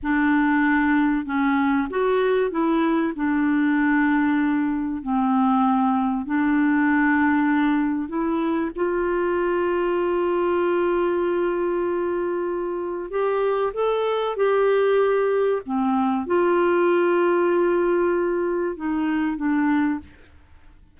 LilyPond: \new Staff \with { instrumentName = "clarinet" } { \time 4/4 \tempo 4 = 96 d'2 cis'4 fis'4 | e'4 d'2. | c'2 d'2~ | d'4 e'4 f'2~ |
f'1~ | f'4 g'4 a'4 g'4~ | g'4 c'4 f'2~ | f'2 dis'4 d'4 | }